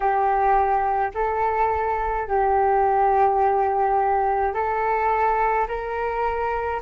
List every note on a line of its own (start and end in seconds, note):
0.00 1.11 G4
1.14 2.27 A4
2.27 4.53 G4
4.53 5.67 A4
5.68 6.81 A#4